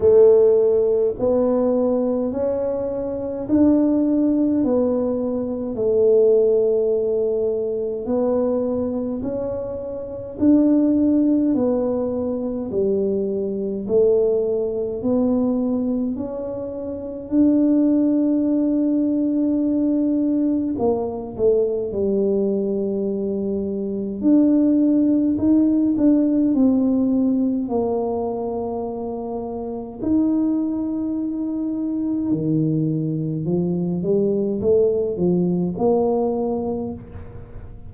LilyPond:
\new Staff \with { instrumentName = "tuba" } { \time 4/4 \tempo 4 = 52 a4 b4 cis'4 d'4 | b4 a2 b4 | cis'4 d'4 b4 g4 | a4 b4 cis'4 d'4~ |
d'2 ais8 a8 g4~ | g4 d'4 dis'8 d'8 c'4 | ais2 dis'2 | dis4 f8 g8 a8 f8 ais4 | }